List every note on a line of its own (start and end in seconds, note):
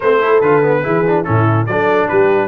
0.00 0.41 A3
0.00 0.21 C4
0.00 0.20 B4
0.00 0.41 C5
0.21 0.42 E4
0.21 0.83 A4
0.41 0.83 D3
0.41 0.62 F4
0.41 1.23 B4
0.62 0.83 B3
0.83 1.27 E3
0.83 1.04 E4
0.83 1.25 G#4
1.07 1.24 D4
1.23 1.67 A2
1.23 1.66 C#4
1.23 1.68 E4
1.23 1.65 A4
1.66 2.09 F#3
1.66 2.47 D4
1.66 2.09 A4
1.66 2.08 D5
2.08 2.47 G3
2.08 2.47 G4
2.08 2.47 B4